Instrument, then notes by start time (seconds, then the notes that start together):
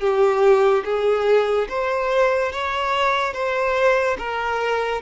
violin
0.00 G4
0.84 G#4
1.69 C5
2.52 C#5
3.33 C5
4.18 A#4